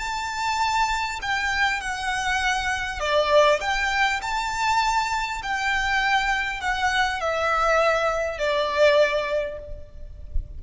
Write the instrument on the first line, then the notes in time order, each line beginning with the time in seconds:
violin
0.00 A5
1.22 G5
1.81 F#5
3.00 D5
3.61 G5
4.22 A5
5.43 G5
6.61 F#5
7.21 E5
8.39 D5